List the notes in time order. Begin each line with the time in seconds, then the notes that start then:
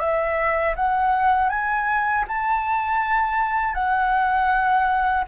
0.00 E5
0.76 F#5
1.50 G#5
2.28 A5
3.75 F#5